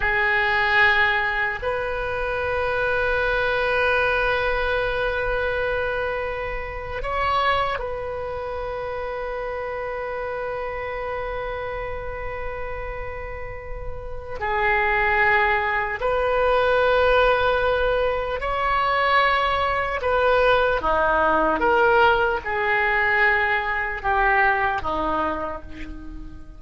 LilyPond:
\new Staff \with { instrumentName = "oboe" } { \time 4/4 \tempo 4 = 75 gis'2 b'2~ | b'1~ | b'8. cis''4 b'2~ b'16~ | b'1~ |
b'2 gis'2 | b'2. cis''4~ | cis''4 b'4 dis'4 ais'4 | gis'2 g'4 dis'4 | }